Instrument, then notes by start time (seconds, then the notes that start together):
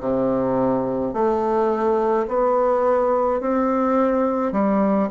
bassoon
0.00 C3
1.13 A3
2.27 B3
3.40 C4
4.52 G3